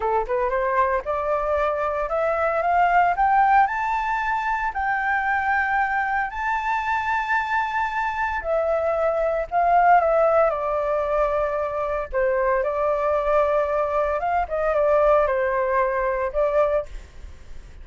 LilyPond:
\new Staff \with { instrumentName = "flute" } { \time 4/4 \tempo 4 = 114 a'8 b'8 c''4 d''2 | e''4 f''4 g''4 a''4~ | a''4 g''2. | a''1 |
e''2 f''4 e''4 | d''2. c''4 | d''2. f''8 dis''8 | d''4 c''2 d''4 | }